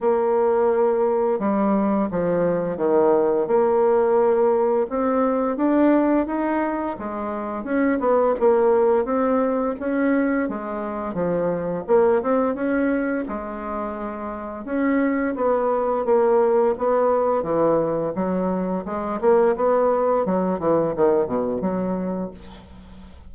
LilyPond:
\new Staff \with { instrumentName = "bassoon" } { \time 4/4 \tempo 4 = 86 ais2 g4 f4 | dis4 ais2 c'4 | d'4 dis'4 gis4 cis'8 b8 | ais4 c'4 cis'4 gis4 |
f4 ais8 c'8 cis'4 gis4~ | gis4 cis'4 b4 ais4 | b4 e4 fis4 gis8 ais8 | b4 fis8 e8 dis8 b,8 fis4 | }